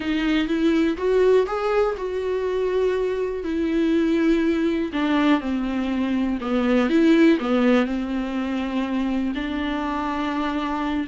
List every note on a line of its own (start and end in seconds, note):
0.00 0.47 D#4
0.47 0.96 E4
0.97 1.46 F#4
1.46 1.95 G#4
1.97 3.43 F#4
3.43 4.91 E4
4.92 5.40 D4
5.40 6.38 C4
6.40 6.89 B3
6.89 7.38 E4
7.39 7.85 B3
7.85 9.33 C4
9.34 11.07 D4